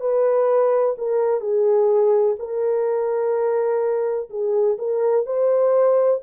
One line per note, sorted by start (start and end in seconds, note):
0.00 0.95 B4
0.98 1.41 A#4
1.41 2.36 G#4
2.39 4.30 A#4
4.30 4.77 G#4
4.78 5.26 A#4
5.26 6.21 C5